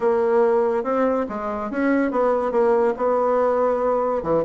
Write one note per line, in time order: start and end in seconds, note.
0.00 0.83 A#3
0.83 1.26 C4
1.28 1.70 G#3
1.70 2.11 C#4
2.11 2.51 B3
2.51 2.93 A#3
2.96 4.23 B3
4.23 4.44 E3